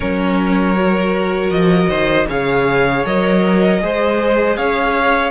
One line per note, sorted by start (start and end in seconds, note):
0.00 1.50 F#3
0.00 0.75 C#4
0.00 1.89 A#4
0.00 1.50 C#5
0.77 2.28 F#4
1.50 1.88 F3
1.50 2.26 D#5
1.89 2.27 D#3
1.89 2.27 C5
2.28 3.04 C#3
2.28 3.05 G#4
2.28 3.79 C#5
2.28 3.05 F5
3.05 3.81 F#3
3.05 3.81 A#4
3.05 4.56 D#5
3.81 4.57 G#3
3.81 5.30 G#4
3.81 4.57 C5
4.56 5.30 C#4
4.56 5.30 C#5
4.56 5.30 F5